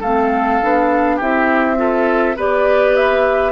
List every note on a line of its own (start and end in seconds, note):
0.00 0.61 A3
0.00 0.62 C4
0.00 1.16 A4
0.00 1.19 F5
0.62 1.21 B3
0.62 1.21 D4
1.16 2.36 C4
1.16 1.76 E4
1.16 1.75 G4
1.16 2.38 E5
1.76 2.35 F4
1.76 2.36 A4
2.36 3.52 B3
2.36 3.52 G4
2.36 3.52 B4
2.36 2.95 D5
2.95 3.52 E5